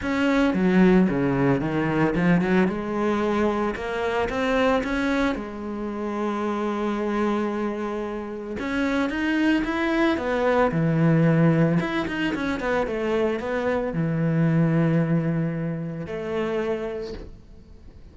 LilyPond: \new Staff \with { instrumentName = "cello" } { \time 4/4 \tempo 4 = 112 cis'4 fis4 cis4 dis4 | f8 fis8 gis2 ais4 | c'4 cis'4 gis2~ | gis1 |
cis'4 dis'4 e'4 b4 | e2 e'8 dis'8 cis'8 b8 | a4 b4 e2~ | e2 a2 | }